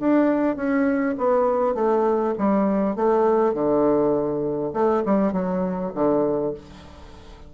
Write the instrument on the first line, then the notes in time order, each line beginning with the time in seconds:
bassoon
0.00 D4
0.56 C#4
1.18 B3
1.75 A3
2.38 G3
2.96 A3
3.54 D3
4.74 A3
5.05 G3
5.33 F#3
5.95 D3